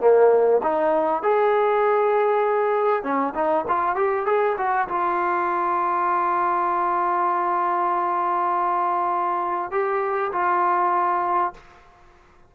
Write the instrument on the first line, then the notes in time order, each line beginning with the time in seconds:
trombone
0.00 A#3
0.62 D#4
1.23 G#4
3.03 C#4
3.35 D#4
3.67 F4
3.95 G4
4.26 G#4
4.57 F#4
4.88 F4
9.71 G4
10.32 F4